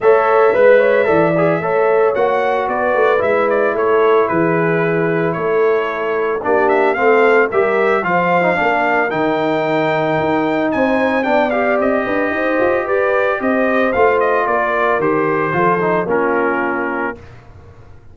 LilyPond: <<
  \new Staff \with { instrumentName = "trumpet" } { \time 4/4 \tempo 4 = 112 e''1 | fis''4 d''4 e''8 d''8 cis''4 | b'2 cis''2 | d''8 e''8 f''4 e''4 f''4~ |
f''4 g''2. | gis''4 g''8 f''8 dis''2 | d''4 dis''4 f''8 dis''8 d''4 | c''2 ais'2 | }
  \new Staff \with { instrumentName = "horn" } { \time 4/4 cis''4 b'8 cis''8 d''4 cis''4~ | cis''4 b'2 a'4 | gis'2 a'2 | g'4 a'4 ais'4 c''4 |
ais'1 | c''4 d''4. b'8 c''4 | b'4 c''2 ais'4~ | ais'4 a'4 f'2 | }
  \new Staff \with { instrumentName = "trombone" } { \time 4/4 a'4 b'4 a'8 gis'8 a'4 | fis'2 e'2~ | e'1 | d'4 c'4 g'4 f'8. dis'16 |
d'4 dis'2.~ | dis'4 d'8 g'2~ g'8~ | g'2 f'2 | g'4 f'8 dis'8 cis'2 | }
  \new Staff \with { instrumentName = "tuba" } { \time 4/4 a4 gis4 e4 a4 | ais4 b8 a8 gis4 a4 | e2 a2 | ais4 a4 g4 f4 |
ais4 dis2 dis'4 | c'4 b4 c'8 d'8 dis'8 f'8 | g'4 c'4 a4 ais4 | dis4 f4 ais2 | }
>>